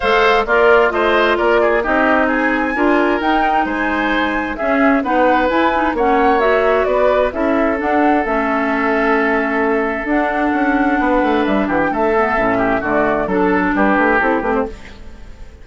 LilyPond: <<
  \new Staff \with { instrumentName = "flute" } { \time 4/4 \tempo 4 = 131 f''4 d''4 dis''4 d''4 | dis''4 gis''2 g''4 | gis''2 e''4 fis''4 | gis''4 fis''4 e''4 d''4 |
e''4 fis''4 e''2~ | e''2 fis''2~ | fis''4 e''8 fis''16 g''16 e''2 | d''4 a'4 b'4 a'8 b'16 c''16 | }
  \new Staff \with { instrumentName = "oboe" } { \time 4/4 c''4 f'4 c''4 ais'8 gis'8 | g'4 gis'4 ais'2 | c''2 gis'4 b'4~ | b'4 cis''2 b'4 |
a'1~ | a'1 | b'4. g'8 a'4. g'8 | fis'4 a'4 g'2 | }
  \new Staff \with { instrumentName = "clarinet" } { \time 4/4 a'4 ais'4 f'2 | dis'2 f'4 dis'4~ | dis'2 cis'4 dis'4 | e'8 dis'8 cis'4 fis'2 |
e'4 d'4 cis'2~ | cis'2 d'2~ | d'2~ d'8 b8 cis'4 | a4 d'2 e'8 c'8 | }
  \new Staff \with { instrumentName = "bassoon" } { \time 4/4 gis4 ais4 a4 ais4 | c'2 d'4 dis'4 | gis2 cis'4 b4 | e'4 ais2 b4 |
cis'4 d'4 a2~ | a2 d'4 cis'4 | b8 a8 g8 e8 a4 a,4 | d4 fis4 g8 a8 c'8 a8 | }
>>